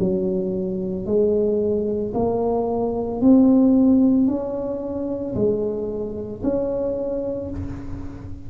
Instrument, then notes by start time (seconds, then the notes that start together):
tuba
0.00 F#3
1.06 G#3
2.15 A#3
3.22 C4
4.28 C#4
5.36 G#3
6.43 C#4